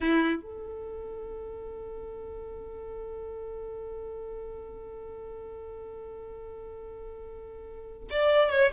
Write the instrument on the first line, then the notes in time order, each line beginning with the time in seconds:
violin
0.00 E4
0.42 A4
8.10 D5
8.50 C#5